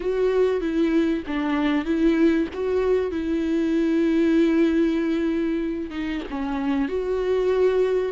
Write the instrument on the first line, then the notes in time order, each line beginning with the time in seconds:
viola
0.00 F#4
0.61 E4
1.26 D4
1.85 E4
2.53 F#4
3.11 E4
5.90 D#4
6.30 C#4
6.88 F#4